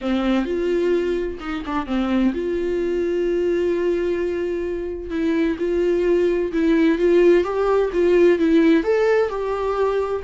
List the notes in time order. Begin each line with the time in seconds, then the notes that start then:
0.01 C4
0.45 F4
1.40 D#4
1.66 D4
1.86 C4
2.34 F4
5.10 E4
5.58 F4
6.52 E4
6.98 F4
7.44 G4
7.93 F4
8.38 E4
8.83 A4
9.29 G4